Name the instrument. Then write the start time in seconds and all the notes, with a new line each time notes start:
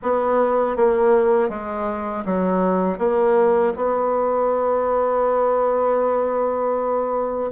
bassoon
0.02 B3
0.76 A#3
1.49 G#3
2.25 F#3
2.98 A#3
3.75 B3